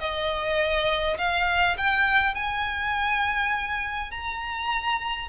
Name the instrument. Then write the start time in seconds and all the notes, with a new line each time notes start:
violin
0.00 D#5
1.18 F5
1.78 G5
2.35 G#5
4.11 A#5